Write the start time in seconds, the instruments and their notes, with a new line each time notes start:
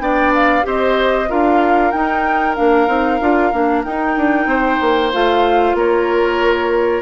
0.00 bassoon B3, clarinet D4, oboe D5, flute G5
0.35 flute F5
0.63 bassoon C4, clarinet G4, oboe C5, flute D#5
1.29 bassoon D4, clarinet F4, oboe A#4, flute F5
1.92 clarinet D#4, bassoon D#4, flute G5
2.56 bassoon A#3, clarinet D4, flute F5
2.88 bassoon C4, clarinet D#4
3.21 bassoon D4, clarinet F4
3.53 bassoon A#3, clarinet D4
3.85 bassoon D#4, clarinet D#4, flute G5
4.17 bassoon D4
4.46 bassoon C4, oboe C5
4.81 bassoon A#3
5.13 bassoon A3, clarinet F4, flute F5
5.74 bassoon A#3, oboe A#4, flute C#5